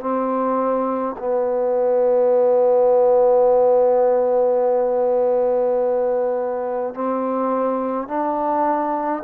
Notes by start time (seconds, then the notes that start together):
0.00 C4
1.19 B3
6.94 C4
8.08 D4